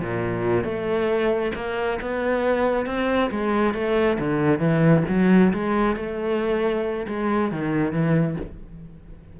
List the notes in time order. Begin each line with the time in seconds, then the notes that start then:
0.00 A#2
0.64 A3
1.55 A#3
2.01 B3
2.86 C4
3.31 G#3
3.74 A3
4.19 D3
4.59 E3
5.08 F#3
5.53 G#3
5.96 A3
7.08 G#3
7.52 D#3
7.92 E3